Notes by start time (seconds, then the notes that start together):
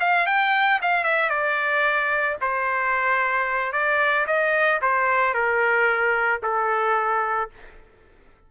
0.00 F5
0.27 G5
0.82 F5
1.04 E5
1.30 D5
2.41 C5
3.73 D5
4.27 D#5
4.82 C5
5.34 A#4
6.43 A4